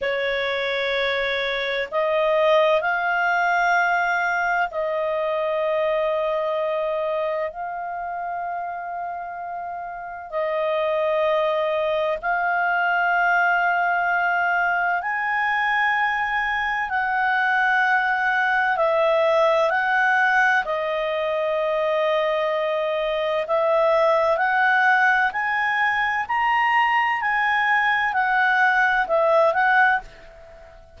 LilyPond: \new Staff \with { instrumentName = "clarinet" } { \time 4/4 \tempo 4 = 64 cis''2 dis''4 f''4~ | f''4 dis''2. | f''2. dis''4~ | dis''4 f''2. |
gis''2 fis''2 | e''4 fis''4 dis''2~ | dis''4 e''4 fis''4 gis''4 | ais''4 gis''4 fis''4 e''8 fis''8 | }